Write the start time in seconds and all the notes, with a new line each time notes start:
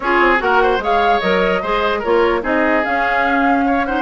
0.00 C#4 F4 G#4 C#5
0.19 C4
0.37 A#3 F#4 A#4 F#5
0.62 C5
0.78 G#3 G#4 C#5 F5
1.20 F#3 A#4 D#5
1.62 G#3 G#4 C5
1.99 A#3 F4 A#4 C#5
2.42 C4 D#4 G#4 D#5
2.84 C#4 F5
3.66 C#5
3.85 D#4 C5 F#5